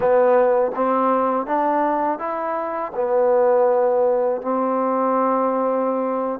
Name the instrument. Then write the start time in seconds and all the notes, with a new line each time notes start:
trombone
0.00 B3
0.75 C4
1.46 D4
2.19 E4
2.95 B3
4.41 C4